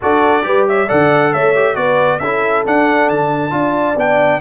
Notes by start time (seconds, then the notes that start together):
0.01 D4 F#4 A4 D5
0.42 G3 G4 B4
0.68 C#5 E5
0.86 D3 A4 D5 F#5
1.32 A3 C#5 E5
1.55 G4
1.75 B3 F#4 B4 D5
2.19 C#4 E4 A4 E5
2.65 D4 F#5
3.09 D3 A5
3.50 D4 F4 D5
3.96 B3 D4 G5